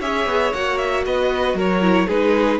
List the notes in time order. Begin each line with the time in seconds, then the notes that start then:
0.00 C#4 G#4 C#5 E5
0.26 B3
0.53 A#3 F#4 F#5
0.78 E5
1.06 B3 B4 D#5
1.54 F#3 A#4 C#5
1.82 E4
2.07 G#3 D#4 G#4 B4